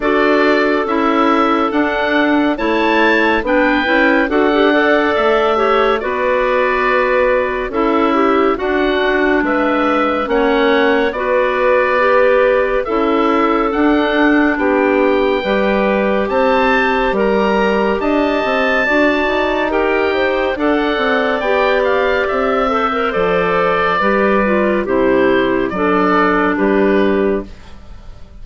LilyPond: <<
  \new Staff \with { instrumentName = "oboe" } { \time 4/4 \tempo 4 = 70 d''4 e''4 fis''4 a''4 | g''4 fis''4 e''4 d''4~ | d''4 e''4 fis''4 e''4 | fis''4 d''2 e''4 |
fis''4 g''2 a''4 | ais''4 a''2 g''4 | fis''4 g''8 f''8 e''4 d''4~ | d''4 c''4 d''4 b'4 | }
  \new Staff \with { instrumentName = "clarinet" } { \time 4/4 a'2. cis''4 | b'4 a'8 d''4 cis''8 b'4~ | b'4 a'8 g'8 fis'4 b'4 | cis''4 b'2 a'4~ |
a'4 g'4 b'4 c''4 | ais'4 dis''4 d''4 ais'8 c''8 | d''2~ d''8 c''4. | b'4 g'4 a'4 g'4 | }
  \new Staff \with { instrumentName = "clarinet" } { \time 4/4 fis'4 e'4 d'4 e'4 | d'8 e'8 fis'16 g'16 a'4 g'8 fis'4~ | fis'4 e'4 d'2 | cis'4 fis'4 g'4 e'4 |
d'2 g'2~ | g'2 fis'4 g'4 | a'4 g'4. a'16 ais'16 a'4 | g'8 f'8 e'4 d'2 | }
  \new Staff \with { instrumentName = "bassoon" } { \time 4/4 d'4 cis'4 d'4 a4 | b8 cis'8 d'4 a4 b4~ | b4 cis'4 d'4 gis4 | ais4 b2 cis'4 |
d'4 b4 g4 c'4 | g4 d'8 c'8 d'8 dis'4. | d'8 c'8 b4 c'4 f4 | g4 c4 fis4 g4 | }
>>